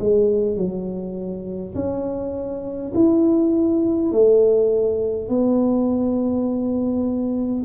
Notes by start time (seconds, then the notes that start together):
0.00 G#3
0.57 F#3
1.75 C#4
2.95 E4
4.12 A3
5.29 B3